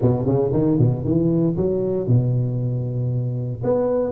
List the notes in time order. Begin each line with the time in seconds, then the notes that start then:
0.01 B2
0.25 C#3
0.52 D#3
0.78 B2
1.04 E3
1.56 F#3
2.07 B2
3.63 B3